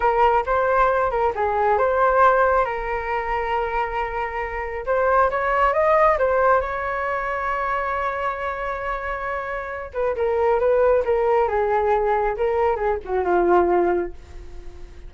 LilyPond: \new Staff \with { instrumentName = "flute" } { \time 4/4 \tempo 4 = 136 ais'4 c''4. ais'8 gis'4 | c''2 ais'2~ | ais'2. c''4 | cis''4 dis''4 c''4 cis''4~ |
cis''1~ | cis''2~ cis''8 b'8 ais'4 | b'4 ais'4 gis'2 | ais'4 gis'8 fis'8 f'2 | }